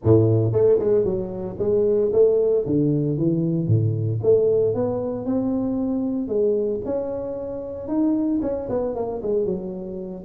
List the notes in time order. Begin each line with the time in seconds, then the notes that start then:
0.03 A2
0.52 A3
0.79 G#3
1.04 F#3
1.58 G#3
2.12 A3
2.66 D3
3.17 E3
3.67 A2
4.22 A3
4.74 B3
5.25 C4
6.28 G#3
6.85 C#4
7.88 D#4
8.42 C#4
8.69 B3
8.95 A#3
9.22 G#3
9.45 F#3